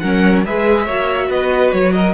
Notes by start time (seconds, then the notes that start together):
0.00 F#3 C#4 A#4 F#5
0.45 G#3 G#4 B4 E5
0.84 A#3 F#4 C#5
1.29 B3 B4 D#5
1.72 F#3 C#5
1.93 A#4 D#5